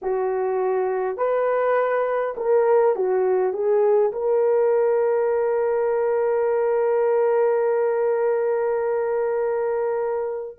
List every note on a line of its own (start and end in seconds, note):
0.02 1.17 F#4
1.17 2.34 B4
2.37 2.95 A#4
2.95 3.53 F#4
3.53 4.11 G#4
4.12 10.58 A#4